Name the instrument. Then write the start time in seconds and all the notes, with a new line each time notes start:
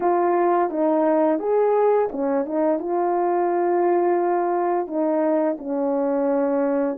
horn
0.00 F4
0.70 D#4
1.39 G#4
2.12 C#4
2.45 D#4
2.79 F4
4.87 D#4
5.58 C#4